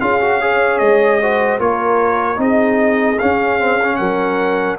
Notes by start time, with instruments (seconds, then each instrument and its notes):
0.00 tuba C#4, trombone F4, horn G#4, trumpet F5
0.21 trombone F#4
0.41 trombone G#4, horn C#5
0.78 tuba G#3, trumpet D#5
1.21 trombone F#4, horn C5
1.59 tuba A#3, trombone F4, horn A#4, trumpet C#5
2.36 tuba C4, trombone D#4, horn G#4, trumpet D#5
3.19 trombone C#4, tuba C#4, trumpet F5
3.59 trombone C4
3.83 trombone C#4
3.96 tuba F#3, horn A#4, trumpet F#5